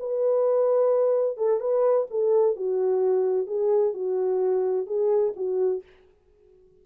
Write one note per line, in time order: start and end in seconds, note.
0.00 1.37 B4
1.37 1.60 A4
1.60 2.07 B4
2.11 2.57 A4
2.57 3.47 F#4
3.47 3.94 G#4
3.94 4.87 F#4
4.87 5.34 G#4
5.37 5.83 F#4